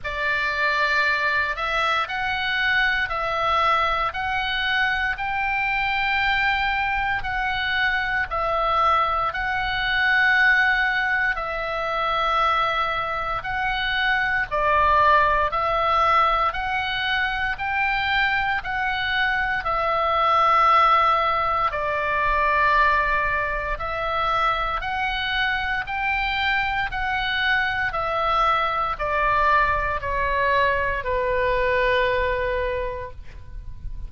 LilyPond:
\new Staff \with { instrumentName = "oboe" } { \time 4/4 \tempo 4 = 58 d''4. e''8 fis''4 e''4 | fis''4 g''2 fis''4 | e''4 fis''2 e''4~ | e''4 fis''4 d''4 e''4 |
fis''4 g''4 fis''4 e''4~ | e''4 d''2 e''4 | fis''4 g''4 fis''4 e''4 | d''4 cis''4 b'2 | }